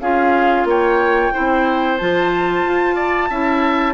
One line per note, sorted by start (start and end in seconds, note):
0.00 0.64 C#4
0.00 1.32 F4
0.00 0.67 G#4
0.00 0.66 F5
0.64 1.30 A#3
0.64 1.33 C#5
0.64 1.97 G5
1.32 2.00 C4
1.32 1.98 E4
1.32 2.95 C5
1.97 2.64 F3
1.97 3.30 F4
1.97 3.93 A5
2.64 3.30 F4
2.95 3.28 D5
3.29 3.93 C#4
3.29 3.93 E4
3.29 3.93 E5